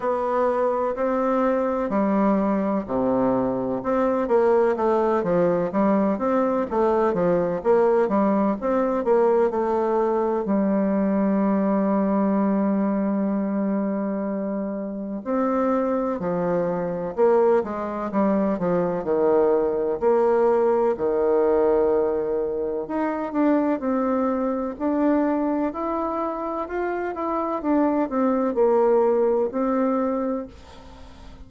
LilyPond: \new Staff \with { instrumentName = "bassoon" } { \time 4/4 \tempo 4 = 63 b4 c'4 g4 c4 | c'8 ais8 a8 f8 g8 c'8 a8 f8 | ais8 g8 c'8 ais8 a4 g4~ | g1 |
c'4 f4 ais8 gis8 g8 f8 | dis4 ais4 dis2 | dis'8 d'8 c'4 d'4 e'4 | f'8 e'8 d'8 c'8 ais4 c'4 | }